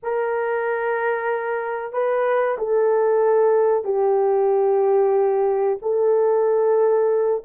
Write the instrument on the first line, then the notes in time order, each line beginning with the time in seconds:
horn
0.02 A#4
1.92 B4
2.58 A4
3.84 G4
5.82 A4